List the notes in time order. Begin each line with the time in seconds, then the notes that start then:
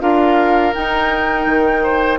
0.00 D4 F4 A#4 F5
0.74 D#4 G5
1.46 D#3
1.83 C5